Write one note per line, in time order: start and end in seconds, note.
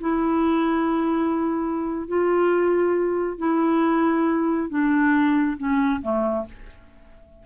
0.00 2.08 E4
2.08 3.38 F4
3.38 4.69 E4
4.69 5.57 D4
5.57 6.01 C#4
6.02 6.45 A3